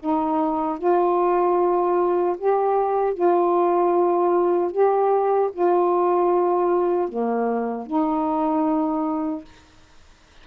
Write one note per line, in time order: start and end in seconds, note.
0.00 0.79 D#4
0.79 2.36 F4
2.38 3.14 G4
3.14 4.72 F4
4.72 5.51 G4
5.53 7.09 F4
7.09 7.87 A#3
7.87 9.45 D#4